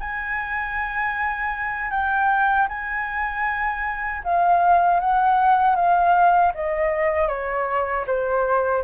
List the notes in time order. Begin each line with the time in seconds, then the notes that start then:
0.00 G#5
1.91 G5
2.69 G#5
4.24 F5
5.00 F#5
5.76 F5
6.55 D#5
7.28 C#5
8.07 C5